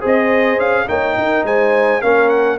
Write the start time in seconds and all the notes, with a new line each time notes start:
0.00 C4 G#4 C5 D#5
0.57 C#4 F5
0.87 A#3 D#4 C#5 G5
1.17 D#4 A#4
1.43 G#3 C5 G#5
2.01 A#3 C#4 A#4 F5
2.29 F#5